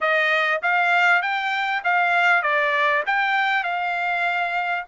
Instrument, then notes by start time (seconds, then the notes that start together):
trumpet
0.00 D#5
0.62 F5
1.21 G5
1.83 F5
2.42 D5
3.06 G5
3.63 F5